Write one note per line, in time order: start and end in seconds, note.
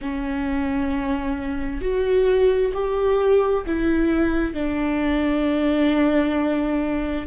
0.01 1.81 C#4
1.81 2.72 F#4
2.73 3.64 G4
3.66 4.53 E4
4.53 7.26 D4